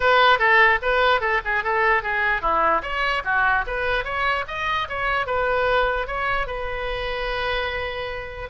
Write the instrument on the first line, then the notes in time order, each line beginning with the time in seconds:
oboe
0.00 B4
0.39 A4
0.81 B4
1.20 A4
1.45 G#4
1.63 A4
2.03 G#4
2.41 E4
2.82 C#5
3.24 F#4
3.66 B4
4.04 C#5
4.47 D#5
4.88 C#5
5.26 B4
6.07 C#5
6.46 B4